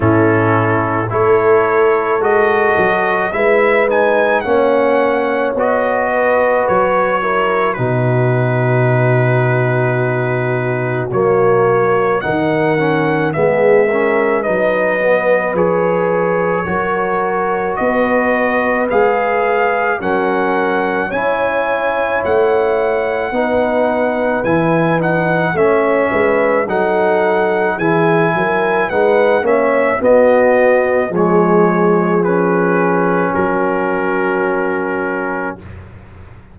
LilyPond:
<<
  \new Staff \with { instrumentName = "trumpet" } { \time 4/4 \tempo 4 = 54 a'4 cis''4 dis''4 e''8 gis''8 | fis''4 dis''4 cis''4 b'4~ | b'2 cis''4 fis''4 | e''4 dis''4 cis''2 |
dis''4 f''4 fis''4 gis''4 | fis''2 gis''8 fis''8 e''4 | fis''4 gis''4 fis''8 e''8 dis''4 | cis''4 b'4 ais'2 | }
  \new Staff \with { instrumentName = "horn" } { \time 4/4 e'4 a'2 b'4 | cis''4. b'4 ais'8 fis'4~ | fis'2. ais'4 | gis'8 ais'8 b'2 ais'4 |
b'2 ais'4 cis''4~ | cis''4 b'2 cis''8 b'8 | a'4 gis'8 ais'8 b'8 cis''8 fis'4 | gis'2 fis'2 | }
  \new Staff \with { instrumentName = "trombone" } { \time 4/4 cis'4 e'4 fis'4 e'8 dis'8 | cis'4 fis'4. e'8 dis'4~ | dis'2 ais4 dis'8 cis'8 | b8 cis'8 dis'8 b8 gis'4 fis'4~ |
fis'4 gis'4 cis'4 e'4~ | e'4 dis'4 e'8 dis'8 cis'4 | dis'4 e'4 dis'8 cis'8 b4 | gis4 cis'2. | }
  \new Staff \with { instrumentName = "tuba" } { \time 4/4 a,4 a4 gis8 fis8 gis4 | ais4 b4 fis4 b,4~ | b,2 fis4 dis4 | gis4 fis4 f4 fis4 |
b4 gis4 fis4 cis'4 | a4 b4 e4 a8 gis8 | fis4 e8 fis8 gis8 ais8 b4 | f2 fis2 | }
>>